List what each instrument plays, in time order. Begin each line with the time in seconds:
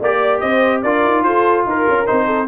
0.00 tuba A#3, trombone G4, horn D5, trumpet D5
0.40 tuba C4, horn C5, trumpet D#5
0.82 tuba D4, trombone F4, horn A#4, trumpet D5
1.04 tuba D#4
1.23 tuba F4, horn A4, trumpet C5
1.66 tuba D#4, horn A#4, trumpet A#4
1.88 tuba C#4
2.06 tuba C4, trombone D#4, trumpet C5
2.26 horn A4